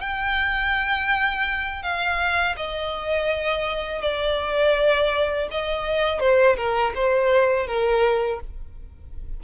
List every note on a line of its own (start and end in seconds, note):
0.00 1.83 G5
1.83 2.56 F5
2.56 4.02 D#5
4.02 5.48 D5
5.51 6.20 D#5
6.20 6.56 C5
6.56 6.93 A#4
6.95 7.67 C5
7.67 8.40 A#4